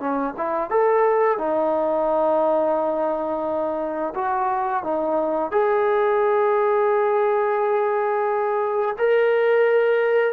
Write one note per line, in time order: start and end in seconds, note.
0.00 0.34 C#4
0.38 0.71 E4
0.71 1.39 A4
1.39 4.14 D#4
4.15 4.84 F#4
4.84 5.52 D#4
5.52 8.97 G#4
8.99 10.34 A#4